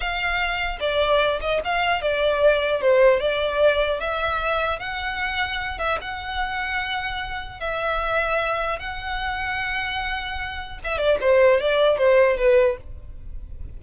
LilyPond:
\new Staff \with { instrumentName = "violin" } { \time 4/4 \tempo 4 = 150 f''2 d''4. dis''8 | f''4 d''2 c''4 | d''2 e''2 | fis''2~ fis''8 e''8 fis''4~ |
fis''2. e''4~ | e''2 fis''2~ | fis''2. e''8 d''8 | c''4 d''4 c''4 b'4 | }